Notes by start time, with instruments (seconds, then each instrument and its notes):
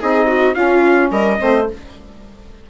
0.00 bassoon C4, saxophone D#4, viola G#4, trumpet D#5
0.28 viola F#4
0.55 saxophone C#4, bassoon C#4, viola F4, trumpet F5
1.11 bassoon G3, viola A#4, trumpet D#5
1.39 bassoon A3, saxophone C4, viola C5